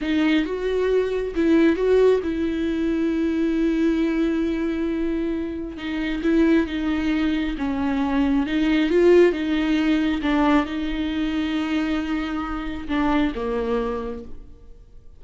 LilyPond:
\new Staff \with { instrumentName = "viola" } { \time 4/4 \tempo 4 = 135 dis'4 fis'2 e'4 | fis'4 e'2.~ | e'1~ | e'4 dis'4 e'4 dis'4~ |
dis'4 cis'2 dis'4 | f'4 dis'2 d'4 | dis'1~ | dis'4 d'4 ais2 | }